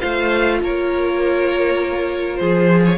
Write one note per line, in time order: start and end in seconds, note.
0.00 0.61 A3
0.00 2.98 F4
0.00 0.59 C5
0.00 0.60 F5
0.61 2.40 A#3
0.61 2.40 A#4
0.61 2.37 C#5
2.37 2.98 F3
2.37 2.98 G#4
2.37 2.81 C5
2.86 2.98 C#5